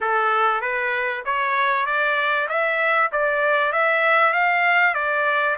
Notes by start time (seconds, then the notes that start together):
0.00 A4
0.61 B4
1.25 C#5
1.86 D5
2.48 E5
3.12 D5
3.72 E5
4.33 F5
4.94 D5